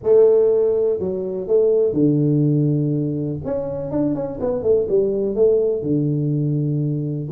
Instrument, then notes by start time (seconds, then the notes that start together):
tuba
0.03 A3
0.99 F#3
1.47 A3
1.93 D3
3.44 C#4
3.91 D4
4.14 C#4
4.40 B3
4.62 A3
4.88 G3
5.35 A3
5.82 D3